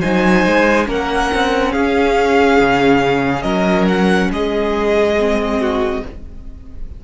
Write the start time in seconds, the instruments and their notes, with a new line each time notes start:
0.00 cello F#3, viola D#4, violin C5 G#5
0.46 cello G#3
0.85 cello A#3, viola C#4, violin A#4 F#5
1.33 cello C4
1.71 cello C#4, violin G#4 F5
2.59 cello C#3
3.41 cello F#3, violin A#4 D#5
3.87 violin F#5
4.31 cello G#3, violin G#4 D#5
5.18 viola C4
5.60 violin F#4